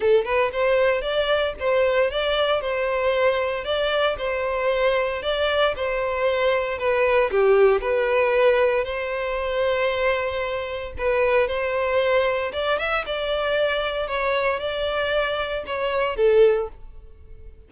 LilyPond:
\new Staff \with { instrumentName = "violin" } { \time 4/4 \tempo 4 = 115 a'8 b'8 c''4 d''4 c''4 | d''4 c''2 d''4 | c''2 d''4 c''4~ | c''4 b'4 g'4 b'4~ |
b'4 c''2.~ | c''4 b'4 c''2 | d''8 e''8 d''2 cis''4 | d''2 cis''4 a'4 | }